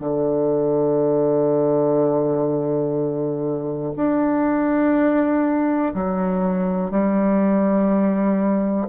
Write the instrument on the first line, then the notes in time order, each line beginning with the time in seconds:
bassoon
0.00 D3
3.96 D4
5.94 F#3
6.90 G3